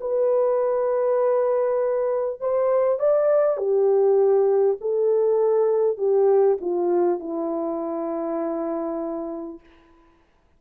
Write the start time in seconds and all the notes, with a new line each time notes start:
0.00 B4
2.40 C5
2.99 D5
3.57 G4
4.81 A4
5.97 G4
6.60 F4
7.19 E4